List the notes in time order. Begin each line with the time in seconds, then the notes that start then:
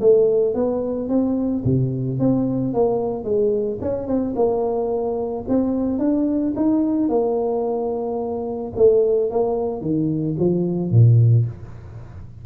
0.00 A3
0.54 B3
1.08 C4
1.64 C3
2.19 C4
2.73 A#3
3.24 G#3
3.81 C#4
4.07 C4
4.35 A#3
5.48 C4
5.99 D4
6.56 D#4
7.08 A#3
8.75 A3
9.30 A#3
9.81 D#3
10.38 F3
10.91 A#2